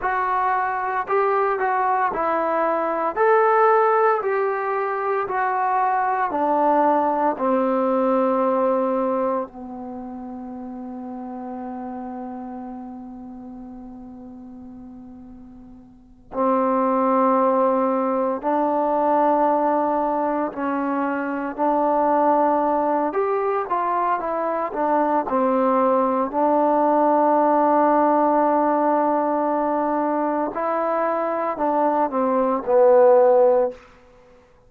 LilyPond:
\new Staff \with { instrumentName = "trombone" } { \time 4/4 \tempo 4 = 57 fis'4 g'8 fis'8 e'4 a'4 | g'4 fis'4 d'4 c'4~ | c'4 b2.~ | b2.~ b8 c'8~ |
c'4. d'2 cis'8~ | cis'8 d'4. g'8 f'8 e'8 d'8 | c'4 d'2.~ | d'4 e'4 d'8 c'8 b4 | }